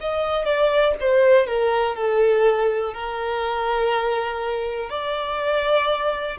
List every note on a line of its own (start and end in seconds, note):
0.00 0.45 D#5
0.45 0.94 D5
1.00 1.47 C5
1.47 1.95 A#4
1.95 2.93 A4
2.93 4.90 A#4
4.90 6.37 D5